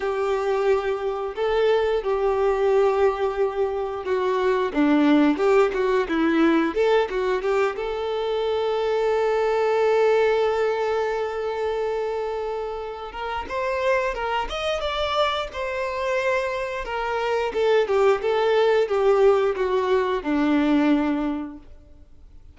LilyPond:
\new Staff \with { instrumentName = "violin" } { \time 4/4 \tempo 4 = 89 g'2 a'4 g'4~ | g'2 fis'4 d'4 | g'8 fis'8 e'4 a'8 fis'8 g'8 a'8~ | a'1~ |
a'2.~ a'8 ais'8 | c''4 ais'8 dis''8 d''4 c''4~ | c''4 ais'4 a'8 g'8 a'4 | g'4 fis'4 d'2 | }